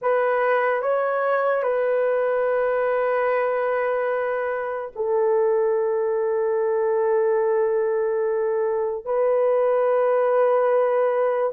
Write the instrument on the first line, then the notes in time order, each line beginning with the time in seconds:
horn
0.01 B4
0.81 C#5
1.62 B4
4.95 A4
9.05 B4